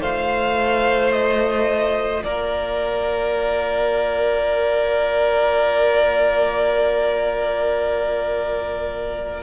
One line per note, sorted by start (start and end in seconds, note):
0.00 2.23 A3
0.00 9.43 F4
0.00 2.23 C5
0.00 1.12 F5
1.12 2.23 D#5
2.24 9.43 A#3
2.24 9.43 A#4
2.24 9.43 D5